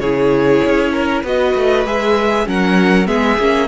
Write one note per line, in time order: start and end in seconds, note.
0.00 0.62 C#3
0.00 1.25 E4
0.00 0.93 G#4
0.00 1.22 C#5
0.66 1.24 C#4
0.93 1.23 A#4
1.23 1.54 B3
1.23 1.86 F#4
1.23 2.46 B4
1.23 1.87 D#5
1.55 1.86 A3
1.86 2.47 G#3
1.86 2.46 G#4
1.86 2.48 E5
2.46 3.08 F#3
2.46 3.07 C#4
2.46 3.08 A#4
2.46 3.07 F#5
3.07 3.39 G#3
3.07 3.37 B3
3.07 3.68 G#4
3.07 3.68 E5
3.39 3.68 A#3
3.39 3.68 C#4